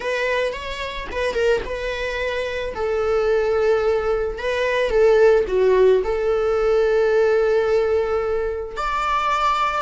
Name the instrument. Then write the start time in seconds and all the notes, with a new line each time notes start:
viola
0.00 B4
0.52 C#5
1.11 B4
1.33 A#4
1.65 B4
2.74 A4
4.38 B4
4.89 A4
5.47 F#4
6.04 A4
8.77 D5